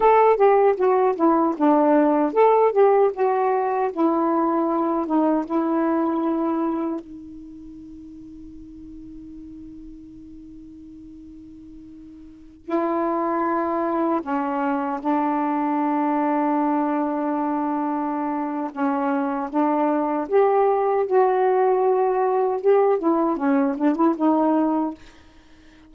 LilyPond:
\new Staff \with { instrumentName = "saxophone" } { \time 4/4 \tempo 4 = 77 a'8 g'8 fis'8 e'8 d'4 a'8 g'8 | fis'4 e'4. dis'8 e'4~ | e'4 dis'2.~ | dis'1~ |
dis'16 e'2 cis'4 d'8.~ | d'1 | cis'4 d'4 g'4 fis'4~ | fis'4 g'8 e'8 cis'8 d'16 e'16 dis'4 | }